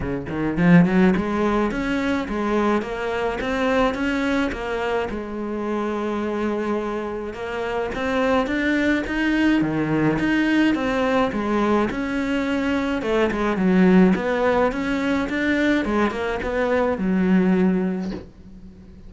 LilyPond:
\new Staff \with { instrumentName = "cello" } { \time 4/4 \tempo 4 = 106 cis8 dis8 f8 fis8 gis4 cis'4 | gis4 ais4 c'4 cis'4 | ais4 gis2.~ | gis4 ais4 c'4 d'4 |
dis'4 dis4 dis'4 c'4 | gis4 cis'2 a8 gis8 | fis4 b4 cis'4 d'4 | gis8 ais8 b4 fis2 | }